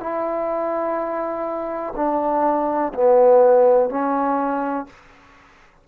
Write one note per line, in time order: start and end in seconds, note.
0.00 1.94 E4
1.96 2.93 D4
2.93 3.90 B3
3.90 4.87 C#4